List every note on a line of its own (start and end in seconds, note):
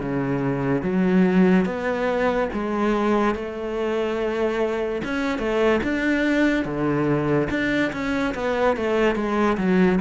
0.00 0.83 C#3
0.83 1.66 F#3
1.66 2.49 B3
2.53 3.36 G#3
3.36 5.02 A3
5.05 5.39 C#4
5.39 5.81 A3
5.84 6.66 D4
6.66 7.49 D3
7.51 7.92 D4
7.93 8.34 C#4
8.35 8.77 B3
8.77 9.16 A3
9.16 9.58 G#3
9.58 10.00 F#3